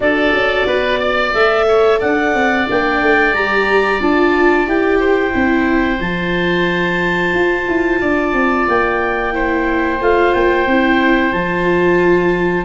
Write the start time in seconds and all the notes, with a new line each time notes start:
0.00 D4 F#4 A4 D5
0.32 C#4
0.66 B3 B4
0.99 D5
1.33 A3 A4 E5
1.68 C#5
1.99 D4 D5 F#5
2.33 C4
2.67 A#3 D4 G5
3.01 A3
3.33 G3 G4 A#5
4.00 D4 F4 A5
4.66 E4 G4 G5
4.99 C5
5.30 C4 E4
5.99 F3 F4 A5
7.33 F4
7.68 E4
8.00 D4 D5
8.33 C4
8.67 A#3 G5
9.32 E4 C5
10.00 A3 F4 F5
10.33 A#3 G5
10.66 C4 E4
11.32 F3 F4 A5